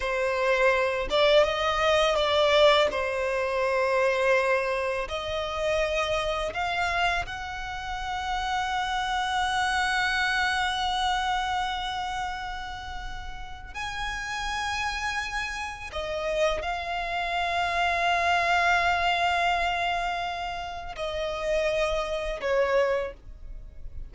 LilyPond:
\new Staff \with { instrumentName = "violin" } { \time 4/4 \tempo 4 = 83 c''4. d''8 dis''4 d''4 | c''2. dis''4~ | dis''4 f''4 fis''2~ | fis''1~ |
fis''2. gis''4~ | gis''2 dis''4 f''4~ | f''1~ | f''4 dis''2 cis''4 | }